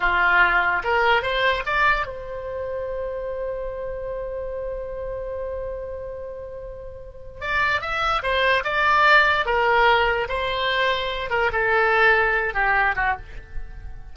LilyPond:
\new Staff \with { instrumentName = "oboe" } { \time 4/4 \tempo 4 = 146 f'2 ais'4 c''4 | d''4 c''2.~ | c''1~ | c''1~ |
c''2 d''4 e''4 | c''4 d''2 ais'4~ | ais'4 c''2~ c''8 ais'8 | a'2~ a'8 g'4 fis'8 | }